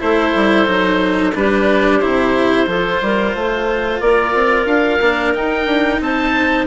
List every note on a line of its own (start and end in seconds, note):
0.00 0.35 A3
0.00 0.67 E4
0.00 1.37 A4
0.00 1.34 C5
0.36 0.68 G3
0.67 1.35 F#3
0.67 1.33 D#4
1.35 2.02 G3
1.35 2.02 D4
1.35 2.68 G4
1.35 2.00 B4
2.00 2.67 C3
2.00 2.67 E4
2.00 4.00 C5
2.67 3.00 F3
2.67 5.00 F4
2.67 3.01 A4
3.02 3.35 G3
3.02 3.37 A#4
3.35 4.01 A3
3.35 4.02 C5
4.01 4.34 A#3
4.01 6.02 A#4
4.01 4.67 D5
4.34 4.66 C4
4.66 4.99 D4
4.66 5.34 F5
5.01 5.34 A#3
5.01 5.34 D4
5.34 6.67 D#4
5.34 5.66 D#4
5.34 6.02 G5
5.66 6.00 D4
6.01 6.67 C4
6.01 6.67 C5
6.01 6.67 A5